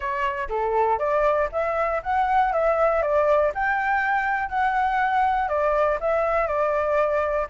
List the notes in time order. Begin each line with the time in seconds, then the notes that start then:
0.00 C#5
0.49 A4
0.98 D5
1.52 E5
2.02 F#5
2.52 E5
3.02 D5
3.54 G5
4.49 F#5
5.48 D5
6.00 E5
6.47 D5